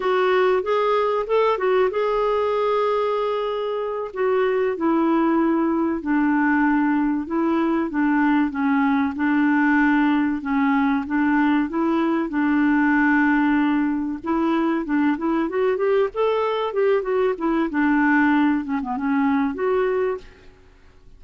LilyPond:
\new Staff \with { instrumentName = "clarinet" } { \time 4/4 \tempo 4 = 95 fis'4 gis'4 a'8 fis'8 gis'4~ | gis'2~ gis'8 fis'4 e'8~ | e'4. d'2 e'8~ | e'8 d'4 cis'4 d'4.~ |
d'8 cis'4 d'4 e'4 d'8~ | d'2~ d'8 e'4 d'8 | e'8 fis'8 g'8 a'4 g'8 fis'8 e'8 | d'4. cis'16 b16 cis'4 fis'4 | }